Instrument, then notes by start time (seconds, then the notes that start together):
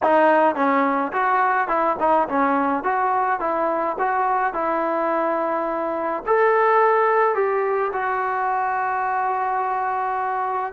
trombone
0.03 D#4
0.55 C#4
1.12 F#4
1.67 E4
1.99 D#4
2.28 C#4
2.83 F#4
3.40 E4
3.98 F#4
4.53 E4
6.26 A4
7.35 G4
7.92 F#4